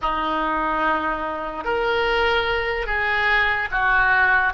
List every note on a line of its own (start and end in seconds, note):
0.01 1.64 D#4
1.64 2.86 A#4
2.86 3.68 G#4
3.71 4.53 F#4